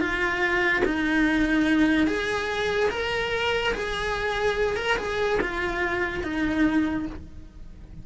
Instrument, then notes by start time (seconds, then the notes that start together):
cello
0.00 F4
0.85 D#4
2.07 G#4
2.90 A#4
3.74 G#4
4.76 A#4
4.97 G#4
5.41 F4
6.23 D#4